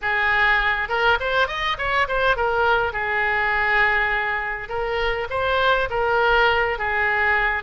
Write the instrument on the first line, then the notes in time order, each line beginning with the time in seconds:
oboe
0.01 G#4
0.88 A#4
1.20 C5
1.47 D#5
1.78 C#5
2.08 C5
2.36 A#4
2.93 G#4
4.68 A#4
5.29 C5
5.90 A#4
6.78 G#4